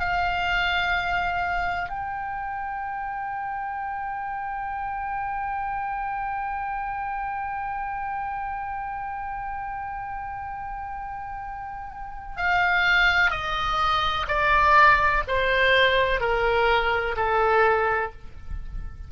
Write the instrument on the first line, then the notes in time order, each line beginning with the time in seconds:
oboe
0.00 F5
1.90 G5
12.37 F5
13.31 D#5
14.28 D5
15.28 C5
16.21 A#4
17.17 A4